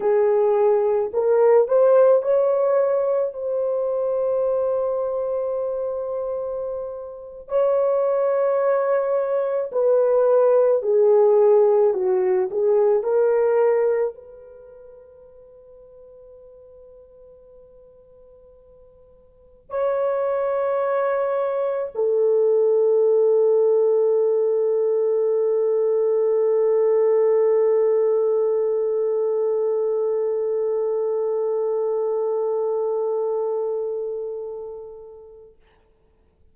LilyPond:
\new Staff \with { instrumentName = "horn" } { \time 4/4 \tempo 4 = 54 gis'4 ais'8 c''8 cis''4 c''4~ | c''2~ c''8. cis''4~ cis''16~ | cis''8. b'4 gis'4 fis'8 gis'8 ais'16~ | ais'8. b'2.~ b'16~ |
b'4.~ b'16 cis''2 a'16~ | a'1~ | a'1~ | a'1 | }